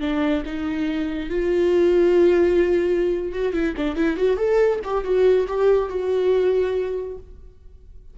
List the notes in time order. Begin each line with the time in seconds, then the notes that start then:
0.00 D4
0.45 D#4
1.29 F4
3.32 F#4
3.52 E4
3.77 D4
3.95 E4
4.16 F#4
4.37 A4
4.84 G4
5.03 F#4
5.47 G4
5.89 F#4